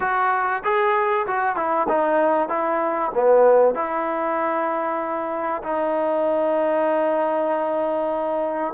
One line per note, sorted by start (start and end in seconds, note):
0.00 0.62 F#4
0.64 1.26 G#4
1.27 1.56 F#4
1.56 1.87 E4
1.88 2.49 D#4
2.49 3.11 E4
3.14 3.74 B3
3.74 5.62 E4
5.62 8.74 D#4